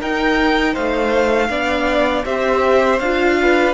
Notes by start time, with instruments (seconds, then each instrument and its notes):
0.00 cello D#4, viola D#4, violin A#4 G5
0.73 cello A3, violin C5 F5
1.49 cello B3, viola D4, violin D5
2.25 cello C4, viola G4, violin C5 E5
2.99 cello D4, viola F4, violin F5
3.42 violin B4